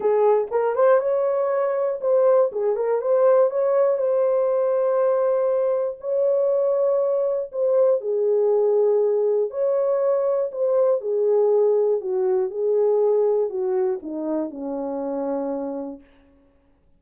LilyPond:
\new Staff \with { instrumentName = "horn" } { \time 4/4 \tempo 4 = 120 gis'4 ais'8 c''8 cis''2 | c''4 gis'8 ais'8 c''4 cis''4 | c''1 | cis''2. c''4 |
gis'2. cis''4~ | cis''4 c''4 gis'2 | fis'4 gis'2 fis'4 | dis'4 cis'2. | }